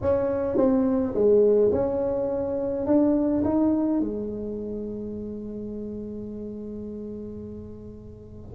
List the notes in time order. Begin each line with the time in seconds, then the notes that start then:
0.01 C#4
0.56 C4
1.14 G#3
1.71 C#4
2.86 D4
3.44 D#4
4.00 G#3